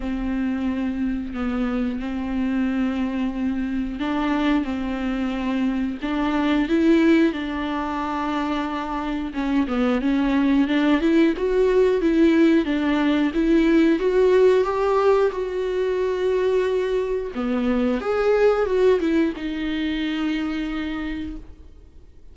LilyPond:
\new Staff \with { instrumentName = "viola" } { \time 4/4 \tempo 4 = 90 c'2 b4 c'4~ | c'2 d'4 c'4~ | c'4 d'4 e'4 d'4~ | d'2 cis'8 b8 cis'4 |
d'8 e'8 fis'4 e'4 d'4 | e'4 fis'4 g'4 fis'4~ | fis'2 b4 gis'4 | fis'8 e'8 dis'2. | }